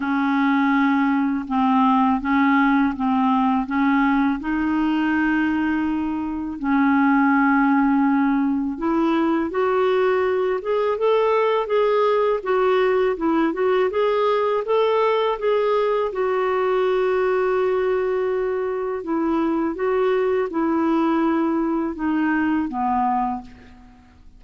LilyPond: \new Staff \with { instrumentName = "clarinet" } { \time 4/4 \tempo 4 = 82 cis'2 c'4 cis'4 | c'4 cis'4 dis'2~ | dis'4 cis'2. | e'4 fis'4. gis'8 a'4 |
gis'4 fis'4 e'8 fis'8 gis'4 | a'4 gis'4 fis'2~ | fis'2 e'4 fis'4 | e'2 dis'4 b4 | }